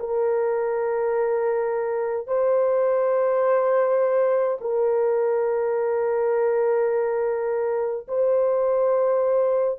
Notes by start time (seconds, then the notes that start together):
0.00 A#4
2.28 C5
4.61 A#4
8.09 C5